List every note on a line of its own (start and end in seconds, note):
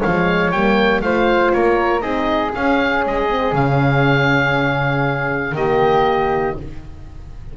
0.00 0.51 F3
0.00 0.53 G#3
0.00 1.01 C#5
0.00 0.51 F5
0.51 1.02 G3
0.51 1.03 A#3
0.51 1.01 G5
1.01 1.52 A3
1.01 2.01 F4
1.01 1.54 C5
1.01 1.52 F5
1.52 2.01 A#3
1.52 2.02 A#4
1.52 2.01 C#5
2.01 2.52 C4
2.01 2.51 D#4
2.01 5.55 G#4
2.01 2.51 D#5
2.54 3.29 C#4
2.54 3.05 C#4
2.54 3.04 F5
3.05 3.52 G#3
3.05 3.55 D#5
3.29 3.54 C4
3.52 5.52 C#3
3.52 5.56 C#4
3.52 5.55 F5
5.52 6.53 D#3
5.52 6.57 A#3
5.52 6.57 G4
5.52 6.56 D#5